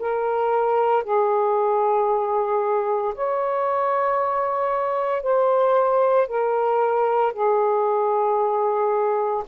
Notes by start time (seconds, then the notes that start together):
0.00 A#4
1.04 G#4
3.15 C#5
5.23 C5
6.28 A#4
7.33 G#4